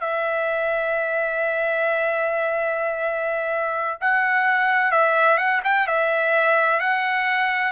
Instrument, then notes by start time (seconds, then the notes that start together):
trumpet
0.00 E5
4.01 F#5
4.91 E5
5.37 F#5
5.63 G5
5.87 E5
6.80 F#5